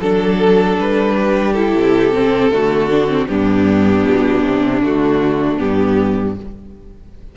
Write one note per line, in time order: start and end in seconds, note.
0.00 0.77 F#3
0.00 1.55 D4
0.00 1.15 A4
0.00 0.78 A4
0.79 1.75 G3
0.79 1.52 B4
1.15 2.49 G4
1.52 2.13 E4
1.52 3.25 A4
1.75 2.50 C3
2.13 2.51 C4
2.50 3.27 D3
2.50 2.90 A3
2.50 3.28 F#4
2.90 3.08 D4
3.08 3.27 C4
3.27 4.05 G2
3.27 4.83 B3
3.27 6.36 D4
3.27 4.81 G4
4.05 4.42 B2
4.42 4.81 C3
4.82 5.58 D3
4.82 5.58 A3
4.82 5.58 F#4
5.58 6.36 G2
5.58 6.35 B3
5.58 6.35 G4